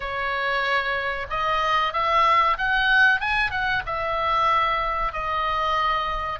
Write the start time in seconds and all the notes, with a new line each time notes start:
0.00 C#5
1.29 D#5
1.93 E5
2.57 F#5
3.20 G#5
3.50 F#5
3.86 E5
5.12 D#5